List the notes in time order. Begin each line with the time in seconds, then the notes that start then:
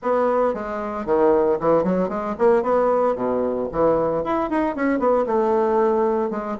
0.02 B3
0.54 G#3
1.05 D#3
1.60 E3
1.83 F#3
2.09 G#3
2.38 A#3
2.62 B3
3.15 B2
3.72 E3
4.24 E4
4.50 D#4
4.75 C#4
4.99 B3
5.26 A3
6.30 G#3